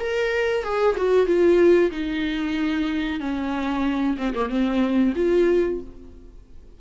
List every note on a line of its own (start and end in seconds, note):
0.00 0.64 A#4
0.64 0.96 G#4
0.97 1.27 F#4
1.27 1.91 F4
1.91 3.20 D#4
3.20 4.17 C#4
4.18 4.34 C4
4.35 4.50 A#3
4.50 5.14 C4
5.16 5.81 F4